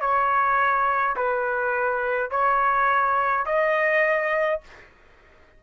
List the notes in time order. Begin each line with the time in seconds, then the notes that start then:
0.00 C#5
1.16 B4
2.31 C#5
3.46 D#5